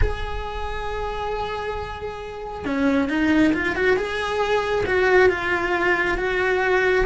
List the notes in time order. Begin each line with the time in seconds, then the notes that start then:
0.01 G#4
2.65 C#4
3.09 D#4
3.53 F4
3.75 F#4
3.96 G#4
4.86 F#4
5.29 F4
6.17 F#4